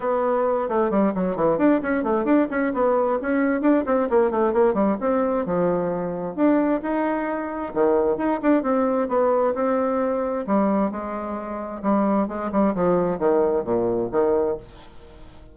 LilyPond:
\new Staff \with { instrumentName = "bassoon" } { \time 4/4 \tempo 4 = 132 b4. a8 g8 fis8 e8 d'8 | cis'8 a8 d'8 cis'8 b4 cis'4 | d'8 c'8 ais8 a8 ais8 g8 c'4 | f2 d'4 dis'4~ |
dis'4 dis4 dis'8 d'8 c'4 | b4 c'2 g4 | gis2 g4 gis8 g8 | f4 dis4 ais,4 dis4 | }